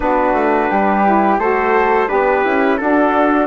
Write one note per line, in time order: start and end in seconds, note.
0.00 0.33 B3
0.00 1.04 D4
0.00 0.70 F#4
0.00 1.39 B4
0.33 0.68 A3
0.70 1.37 G3
0.70 1.39 G4
1.04 1.39 E4
1.37 2.07 A3
1.37 2.07 F#4
1.37 2.08 A4
1.37 2.08 C5
2.07 2.45 B3
2.07 2.43 D4
2.07 2.77 G4
2.07 2.77 B4
2.44 2.80 C#4
2.44 2.78 E4
2.77 3.46 D4
2.77 3.46 F#4
2.77 3.46 A4